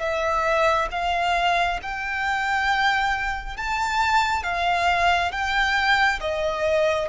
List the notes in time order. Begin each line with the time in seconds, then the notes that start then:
0.00 E5
0.91 F5
1.82 G5
3.57 A5
4.44 F5
5.32 G5
6.21 D#5